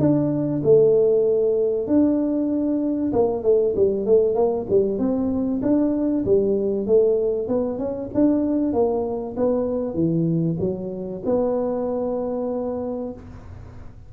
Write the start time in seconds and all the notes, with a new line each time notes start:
0.00 D4
0.64 A3
1.88 D4
3.13 A#3
3.44 A3
3.76 G3
4.06 A3
4.36 A#3
4.70 G3
4.99 C4
5.62 D4
6.25 G3
6.87 A3
7.49 B3
7.79 C#4
8.15 D4
8.74 A#3
9.37 B3
9.95 E3
10.61 F#3
11.26 B3